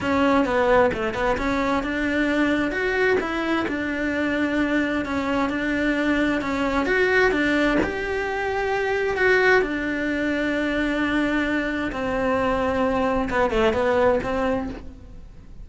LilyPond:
\new Staff \with { instrumentName = "cello" } { \time 4/4 \tempo 4 = 131 cis'4 b4 a8 b8 cis'4 | d'2 fis'4 e'4 | d'2. cis'4 | d'2 cis'4 fis'4 |
d'4 g'2. | fis'4 d'2.~ | d'2 c'2~ | c'4 b8 a8 b4 c'4 | }